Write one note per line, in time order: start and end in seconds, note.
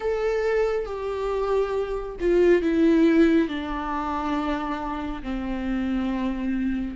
0.00 0.85 A4
0.85 2.15 G4
2.20 2.62 F4
2.62 3.48 E4
3.48 5.22 D4
5.23 6.96 C4